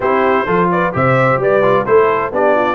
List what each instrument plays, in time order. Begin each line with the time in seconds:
0.00 tuba C4, trombone E4, horn G4, trumpet C5
0.45 tuba F3, trombone F4, horn A4
0.71 horn B4, trumpet D5
0.92 tuba C3, trombone G4, horn C5, trumpet E5
1.36 tuba G3, horn B4, trumpet D5
1.62 trombone F4
1.85 tuba A3, trombone E4, horn A4, trumpet C5
2.31 tuba B3, trombone D4, horn G4, trumpet D5
2.55 horn F4